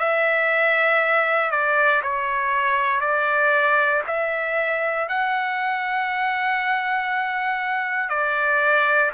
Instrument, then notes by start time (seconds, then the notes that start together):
trumpet
0.00 E5
1.52 D5
2.03 C#5
3.01 D5
4.07 E5
5.09 F#5
8.10 D5